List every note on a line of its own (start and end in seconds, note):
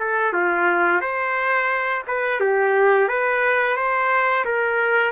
0.00 0.33 A4
0.33 1.01 F4
1.01 2.03 C5
2.07 2.40 B4
2.40 3.08 G4
3.08 3.77 B4
3.77 4.45 C5
4.45 5.12 A#4